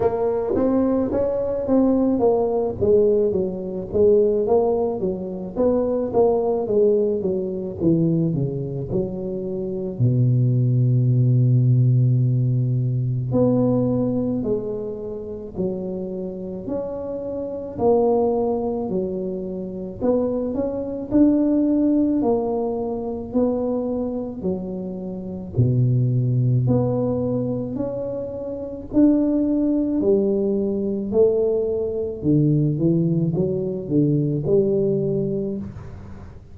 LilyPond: \new Staff \with { instrumentName = "tuba" } { \time 4/4 \tempo 4 = 54 ais8 c'8 cis'8 c'8 ais8 gis8 fis8 gis8 | ais8 fis8 b8 ais8 gis8 fis8 e8 cis8 | fis4 b,2. | b4 gis4 fis4 cis'4 |
ais4 fis4 b8 cis'8 d'4 | ais4 b4 fis4 b,4 | b4 cis'4 d'4 g4 | a4 d8 e8 fis8 d8 g4 | }